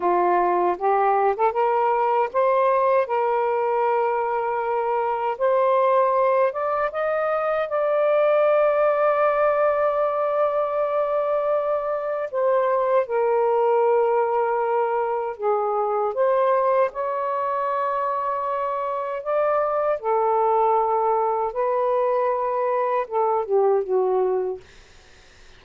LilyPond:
\new Staff \with { instrumentName = "saxophone" } { \time 4/4 \tempo 4 = 78 f'4 g'8. a'16 ais'4 c''4 | ais'2. c''4~ | c''8 d''8 dis''4 d''2~ | d''1 |
c''4 ais'2. | gis'4 c''4 cis''2~ | cis''4 d''4 a'2 | b'2 a'8 g'8 fis'4 | }